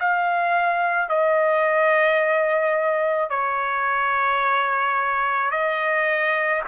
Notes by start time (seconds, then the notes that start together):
0.00 F5
1.10 D#5
3.30 C#5
5.52 D#5